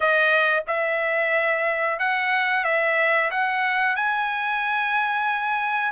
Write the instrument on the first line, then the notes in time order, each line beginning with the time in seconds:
trumpet
0.00 D#5
0.67 E5
1.99 F#5
2.64 E5
3.30 F#5
3.96 G#5